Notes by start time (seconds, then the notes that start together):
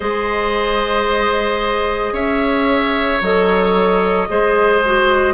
0.00 G#3 G#4 C5 D#5
2.12 C#4 C#5 E5
3.21 F#3 A4 D#5
4.28 G#3 G#4 C5
4.85 F#4